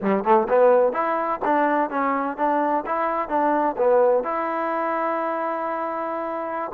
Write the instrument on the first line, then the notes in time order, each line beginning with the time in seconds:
trombone
0.01 G3
0.24 A3
0.48 B3
0.93 E4
1.44 D4
1.90 C#4
2.37 D4
2.85 E4
3.28 D4
3.77 B3
4.23 E4